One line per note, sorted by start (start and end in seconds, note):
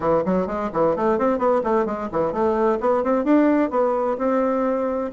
0.00 0.23 E3
0.25 0.46 F#3
0.46 0.70 G#3
0.73 0.95 E3
0.95 1.18 A3
1.18 1.38 C4
1.38 1.61 B3
1.63 1.85 A3
1.85 2.08 G#3
2.12 2.32 E3
2.32 2.78 A3
2.80 3.03 B3
3.03 3.24 C4
3.24 3.70 D4
3.70 4.17 B3
4.18 5.11 C4